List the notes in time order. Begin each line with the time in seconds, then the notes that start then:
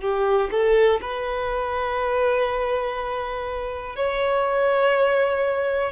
0.00 G4
0.51 A4
1.01 B4
3.95 C#5